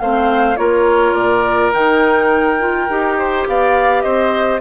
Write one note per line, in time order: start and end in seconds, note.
0.00 0.58 A3
0.00 0.56 C4
0.00 0.59 C5
0.00 0.56 F5
0.56 1.14 A#3
0.56 1.72 F4
0.56 3.18 A#4
0.56 1.14 C#5
1.14 1.72 A#2
1.14 1.71 D5
1.73 2.89 D#3
1.73 2.59 D#4
1.73 3.46 G5
2.59 2.88 F4
2.89 3.47 D#4
2.89 4.61 G4
3.19 3.47 C5
3.47 4.05 B3
3.47 4.03 D5
3.47 4.02 F5
4.02 4.61 C4
4.02 4.61 C5
4.02 4.60 D#5